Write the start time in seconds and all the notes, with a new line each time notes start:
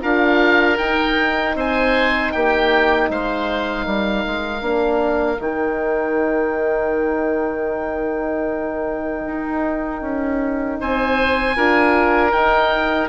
0.00 D4 F4 A#4 F5
0.77 D#4 G5
1.54 C4 C5 G#5
2.31 A#3 G4 G5
3.09 G#3 C5 F5
3.85 G3 A#4
4.26 G#3
4.61 A#3 D4
5.39 D#3 D#4 G5
9.26 D#4
10.01 C#4
10.80 C4 C5 G#5
11.56 D4 F4 A#4
12.29 D#4 G5